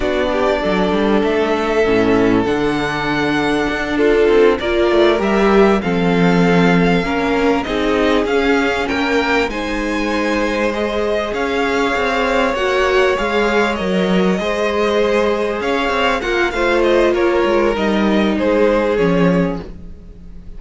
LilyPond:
<<
  \new Staff \with { instrumentName = "violin" } { \time 4/4 \tempo 4 = 98 d''2 e''2 | fis''2~ fis''8 a'4 d''8~ | d''8 e''4 f''2~ f''8~ | f''8 dis''4 f''4 g''4 gis''8~ |
gis''4. dis''4 f''4.~ | f''8 fis''4 f''4 dis''4.~ | dis''4. f''4 fis''8 f''8 dis''8 | cis''4 dis''4 c''4 cis''4 | }
  \new Staff \with { instrumentName = "violin" } { \time 4/4 fis'8 g'8 a'2.~ | a'2~ a'8 f'4 ais'8~ | ais'4. a'2 ais'8~ | ais'8 gis'2 ais'4 c''8~ |
c''2~ c''8 cis''4.~ | cis''2.~ cis''8 c''8~ | c''4. cis''4 f'8 c''4 | ais'2 gis'2 | }
  \new Staff \with { instrumentName = "viola" } { \time 4/4 d'2. cis'4 | d'2.~ d'8 f'8~ | f'8 g'4 c'2 cis'8~ | cis'8 dis'4 cis'2 dis'8~ |
dis'4. gis'2~ gis'8~ | gis'8 fis'4 gis'4 ais'4 gis'8~ | gis'2~ gis'8 ais'8 f'4~ | f'4 dis'2 cis'4 | }
  \new Staff \with { instrumentName = "cello" } { \time 4/4 b4 fis8 g8 a4 a,4 | d2 d'4 c'8 ais8 | a8 g4 f2 ais8~ | ais8 c'4 cis'4 ais4 gis8~ |
gis2~ gis8 cis'4 c'8~ | c'8 ais4 gis4 fis4 gis8~ | gis4. cis'8 c'8 ais8 a4 | ais8 gis8 g4 gis4 f4 | }
>>